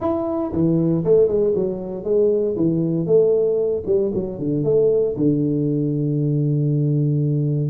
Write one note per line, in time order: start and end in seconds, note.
0.00 0.52 E4
0.52 1.03 E3
1.04 1.28 A3
1.28 1.53 G#3
1.55 2.04 F#3
2.04 2.55 G#3
2.56 3.06 E3
3.06 3.83 A3
3.86 4.11 G3
4.14 4.38 F#3
4.38 4.64 D3
4.64 5.15 A3
5.16 7.70 D3